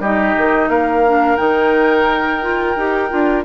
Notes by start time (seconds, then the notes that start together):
0.00 G3 D#4 G4 D#5
0.37 D#3
0.69 A#3 A#4 F5
1.07 D4
1.36 D#3 D#4 G5
2.42 F4
2.76 D#4 G4
3.10 D4 F4